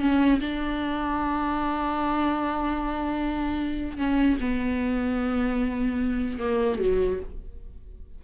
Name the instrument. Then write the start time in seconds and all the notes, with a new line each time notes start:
viola
0.00 C#4
0.40 D4
3.97 C#4
4.40 B3
6.39 A#3
6.79 F#3